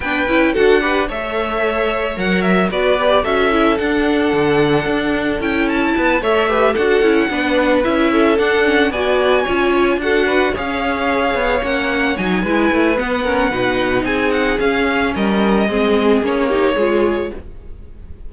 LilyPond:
<<
  \new Staff \with { instrumentName = "violin" } { \time 4/4 \tempo 4 = 111 g''4 fis''4 e''2 | fis''8 e''8 d''4 e''4 fis''4~ | fis''2 g''8 a''4 e''8~ | e''8 fis''2 e''4 fis''8~ |
fis''8 gis''2 fis''4 f''8~ | f''4. fis''4 gis''4. | fis''2 gis''8 fis''8 f''4 | dis''2 cis''2 | }
  \new Staff \with { instrumentName = "violin" } { \time 4/4 b'4 a'8 b'8 cis''2~ | cis''4 b'4 a'2~ | a'2. b'8 cis''8 | b'8 a'4 b'4. a'4~ |
a'8 d''4 cis''4 a'8 b'8 cis''8~ | cis''2. b'4~ | b'8 ais'8 b'4 gis'2 | ais'4 gis'4. g'8 gis'4 | }
  \new Staff \with { instrumentName = "viola" } { \time 4/4 d'8 e'8 fis'8 g'8 a'2 | ais'4 fis'8 g'8 fis'8 e'8 d'4~ | d'2 e'4. a'8 | g'8 fis'8 e'8 d'4 e'4 d'8 |
cis'8 fis'4 f'4 fis'4 gis'8~ | gis'4. cis'4 dis'8 e'4 | b8 cis'8 dis'2 cis'4~ | cis'4 c'4 cis'8 dis'8 f'4 | }
  \new Staff \with { instrumentName = "cello" } { \time 4/4 b8 cis'8 d'4 a2 | fis4 b4 cis'4 d'4 | d4 d'4 cis'4 b8 a8~ | a8 d'8 cis'8 b4 cis'4 d'8~ |
d'8 b4 cis'4 d'4 cis'8~ | cis'4 b8 ais4 fis8 gis8 a8 | b4 b,4 c'4 cis'4 | g4 gis4 ais4 gis4 | }
>>